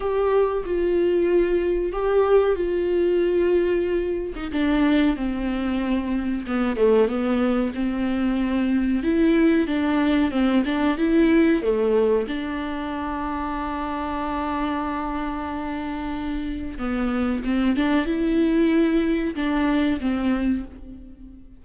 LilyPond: \new Staff \with { instrumentName = "viola" } { \time 4/4 \tempo 4 = 93 g'4 f'2 g'4 | f'2~ f'8. dis'16 d'4 | c'2 b8 a8 b4 | c'2 e'4 d'4 |
c'8 d'8 e'4 a4 d'4~ | d'1~ | d'2 b4 c'8 d'8 | e'2 d'4 c'4 | }